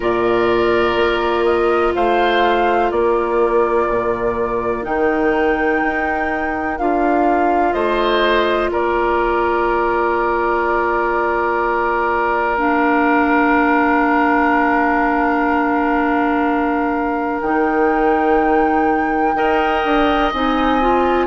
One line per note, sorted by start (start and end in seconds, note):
0.00 0.95 A#2
0.00 4.81 F4
0.00 1.92 A#4
0.00 1.44 D5
0.95 1.92 A#3
1.44 1.92 D#5
1.95 2.91 A3
1.95 2.91 C5
1.95 2.90 F5
2.90 3.88 A#3
2.90 7.73 A#4
2.90 4.84 D5
3.88 4.84 A#2
4.81 5.81 D#3
4.81 6.75 D#4
4.81 6.78 G5
5.82 6.79 D#4
6.78 7.74 D4
6.78 12.57 F4
6.78 7.73 F5
7.73 8.70 A3
7.73 8.70 C5
7.73 8.69 D#5
8.70 17.41 A#3
8.70 19.36 A#4
8.70 12.56 D5
12.56 17.41 D4
12.56 17.40 F5
17.41 19.34 D#3
17.41 19.35 D#4
17.41 20.31 G5
19.35 19.83 D#4
19.35 20.32 A#4
19.35 21.26 D#5
19.83 20.32 D4
20.32 21.26 C4
20.32 20.80 D#4
20.32 21.26 G#5
20.80 21.26 F4